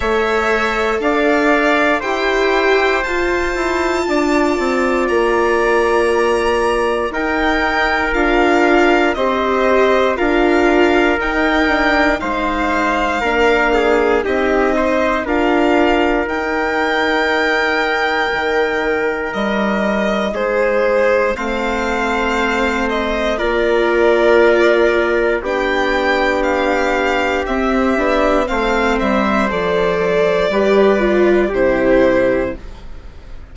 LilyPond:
<<
  \new Staff \with { instrumentName = "violin" } { \time 4/4 \tempo 4 = 59 e''4 f''4 g''4 a''4~ | a''4 ais''2 g''4 | f''4 dis''4 f''4 g''4 | f''2 dis''4 f''4 |
g''2. dis''4 | c''4 f''4. dis''8 d''4~ | d''4 g''4 f''4 e''4 | f''8 e''8 d''2 c''4 | }
  \new Staff \with { instrumentName = "trumpet" } { \time 4/4 cis''4 d''4 c''2 | d''2. ais'4~ | ais'4 c''4 ais'2 | c''4 ais'8 gis'8 g'8 c''8 ais'4~ |
ais'1 | gis'4 c''2 ais'4~ | ais'4 g'2. | c''2 b'4 g'4 | }
  \new Staff \with { instrumentName = "viola" } { \time 4/4 a'2 g'4 f'4~ | f'2. dis'4 | f'4 g'4 f'4 dis'8 d'8 | dis'4 d'4 dis'4 f'4 |
dis'1~ | dis'4 c'2 f'4~ | f'4 d'2 c'8 d'8 | c'4 a'4 g'8 f'8 e'4 | }
  \new Staff \with { instrumentName = "bassoon" } { \time 4/4 a4 d'4 e'4 f'8 e'8 | d'8 c'8 ais2 dis'4 | d'4 c'4 d'4 dis'4 | gis4 ais4 c'4 d'4 |
dis'2 dis4 g4 | gis4 a2 ais4~ | ais4 b2 c'8 b8 | a8 g8 f4 g4 c4 | }
>>